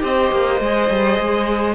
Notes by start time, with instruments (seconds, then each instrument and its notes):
0.00 cello C4, viola G4, violin C5 D#5
0.31 cello A#3
0.60 cello G#3, viola G#4
0.90 cello G3
1.19 cello G#3